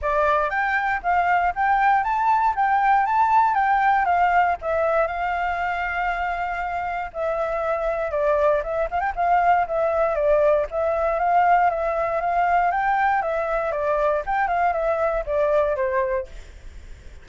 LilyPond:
\new Staff \with { instrumentName = "flute" } { \time 4/4 \tempo 4 = 118 d''4 g''4 f''4 g''4 | a''4 g''4 a''4 g''4 | f''4 e''4 f''2~ | f''2 e''2 |
d''4 e''8 f''16 g''16 f''4 e''4 | d''4 e''4 f''4 e''4 | f''4 g''4 e''4 d''4 | g''8 f''8 e''4 d''4 c''4 | }